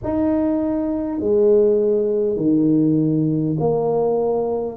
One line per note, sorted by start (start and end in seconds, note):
0.03 1.19 D#4
1.19 2.36 G#3
2.36 3.56 D#3
3.59 4.77 A#3